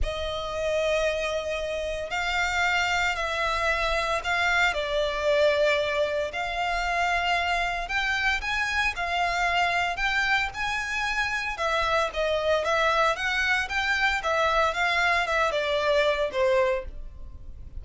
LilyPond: \new Staff \with { instrumentName = "violin" } { \time 4/4 \tempo 4 = 114 dis''1 | f''2 e''2 | f''4 d''2. | f''2. g''4 |
gis''4 f''2 g''4 | gis''2 e''4 dis''4 | e''4 fis''4 g''4 e''4 | f''4 e''8 d''4. c''4 | }